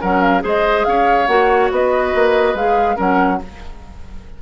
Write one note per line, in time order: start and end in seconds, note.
0.00 0.43 F#3
0.00 0.40 C#4
0.00 0.42 A#4
0.00 0.21 F#5
0.21 0.42 F5
0.40 0.85 G#3
0.40 1.25 G#4
0.40 0.86 C5
0.40 0.84 D#5
0.84 1.27 C#4
0.84 1.72 C#5
0.84 1.26 F5
1.27 1.69 A#3
1.27 2.55 F#4
1.27 1.69 F#5
1.71 2.13 B3
1.71 2.96 B4
1.71 2.56 D#5
2.14 2.54 A#3
2.54 2.96 G#3
2.54 2.95 G#4
2.54 2.98 F5
2.95 3.40 F#3
2.95 3.38 C#4
2.95 3.38 A#4
2.95 3.42 F#5